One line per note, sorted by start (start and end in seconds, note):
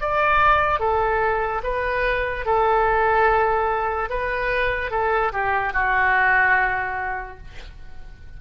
0.00 0.79 D5
0.79 1.61 A4
1.63 2.45 B4
2.45 4.09 A4
4.09 4.91 B4
4.91 5.32 A4
5.32 5.73 G4
5.73 7.37 F#4